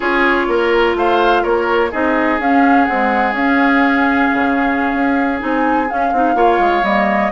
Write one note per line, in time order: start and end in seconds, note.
0.00 0.48 C#4
0.00 1.90 F4
0.00 0.46 G#4
0.00 0.96 C#5
0.48 0.95 A#3
0.48 0.97 A#4
0.95 1.43 A3
0.95 1.43 C5
0.95 1.43 F5
1.43 1.93 A#3
1.43 1.90 A#4
1.43 1.91 C#5
1.90 2.39 C4
1.90 2.39 D#4
1.90 6.34 G#4
1.90 2.40 D#5
2.39 2.87 C#4
2.39 2.89 C#4
2.39 2.85 F5
2.85 3.36 G#3
2.85 3.32 C4
2.85 3.33 F#5
3.32 4.28 C#4
3.32 5.39 C#4
3.32 5.40 F5
4.33 4.93 C#3
4.93 5.41 C#4
5.39 5.90 C4
5.39 5.87 D#4
5.39 5.90 G#5
5.88 6.12 C#4
5.88 6.84 F5
6.12 6.34 C4
6.12 6.34 D#4
6.34 6.58 A#3
6.34 6.82 F4
6.34 7.32 C#5
6.59 6.82 G#3
6.82 7.30 G3
6.82 7.32 A#3
6.82 7.32 D#5